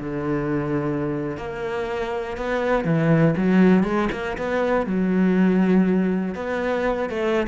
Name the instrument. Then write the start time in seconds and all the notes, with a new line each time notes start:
cello
0.00 D3
1.37 A#3
2.37 B3
2.84 E3
3.37 F#3
3.84 G#3
4.12 A#3
4.38 B3
4.86 F#3
6.35 B3
7.10 A3